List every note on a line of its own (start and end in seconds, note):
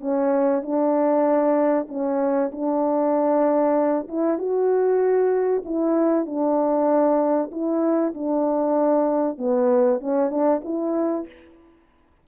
0.00 0.62 C#4
0.62 1.87 D4
1.89 2.51 C#4
2.52 4.08 D4
4.08 4.38 E4
4.38 5.63 F#4
5.65 6.26 E4
6.26 7.51 D4
7.51 8.14 E4
8.14 9.38 D4
9.38 10.00 B3
10.00 10.30 C#4
10.30 10.61 D4
10.64 11.27 E4